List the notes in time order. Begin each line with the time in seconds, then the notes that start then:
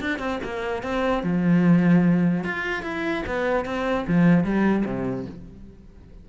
0.00 D4
0.19 C4
0.43 A#3
0.82 C4
1.23 F3
2.44 F4
2.83 E4
3.26 B3
3.65 C4
4.07 F3
4.44 G3
4.85 C3